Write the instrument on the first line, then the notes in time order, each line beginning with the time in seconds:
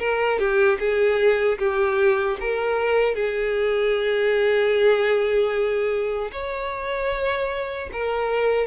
violin
0.00 A#4
0.39 G4
0.80 G#4
1.59 G4
2.41 A#4
3.15 G#4
6.32 C#5
7.93 A#4